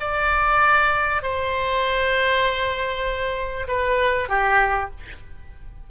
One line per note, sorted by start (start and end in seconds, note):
0.00 1.22 D5
1.22 3.67 C5
3.68 4.29 B4
4.29 4.90 G4